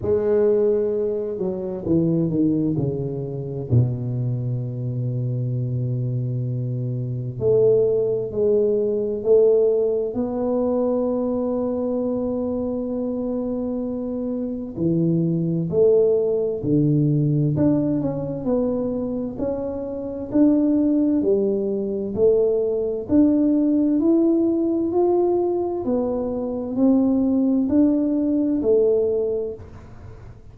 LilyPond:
\new Staff \with { instrumentName = "tuba" } { \time 4/4 \tempo 4 = 65 gis4. fis8 e8 dis8 cis4 | b,1 | a4 gis4 a4 b4~ | b1 |
e4 a4 d4 d'8 cis'8 | b4 cis'4 d'4 g4 | a4 d'4 e'4 f'4 | b4 c'4 d'4 a4 | }